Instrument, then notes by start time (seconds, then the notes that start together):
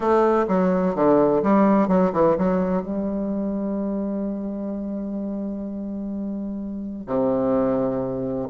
bassoon
0.00 A3
0.48 F#3
0.95 D3
1.42 G3
1.87 F#3
2.12 E3
2.38 F#3
2.82 G3
7.06 C3